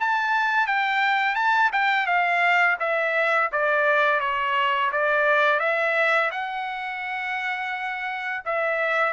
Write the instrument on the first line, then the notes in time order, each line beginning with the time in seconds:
trumpet
0.00 A5
0.67 G5
1.35 A5
1.72 G5
2.06 F5
2.79 E5
3.52 D5
4.20 C#5
4.92 D5
5.60 E5
6.31 F#5
8.45 E5